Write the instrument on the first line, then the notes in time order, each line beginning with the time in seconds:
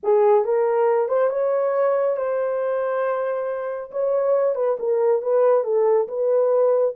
horn
0.03 G#4
0.44 A#4
1.08 C5
1.29 C#5
2.17 C5
3.91 C#5
4.55 B4
4.79 A#4
5.22 B4
5.64 A4
6.08 B4